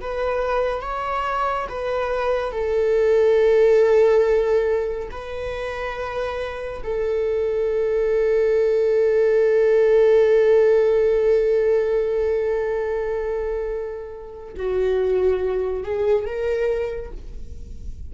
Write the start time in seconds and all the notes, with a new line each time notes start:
0.00 B4
0.81 C#5
1.68 B4
2.52 A4
5.11 B4
6.83 A4
14.56 F#4
15.83 G#4
16.25 A#4